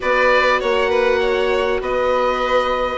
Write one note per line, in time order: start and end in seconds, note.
0.00 0.62 B3
0.00 2.97 F#4
0.00 0.60 B4
0.00 0.61 D5
0.60 1.80 A#3
0.60 0.89 C#5
0.60 1.81 F#5
0.89 1.19 B4
1.20 1.79 C#5
1.80 2.97 B3
1.80 2.97 B4
1.80 2.97 D#5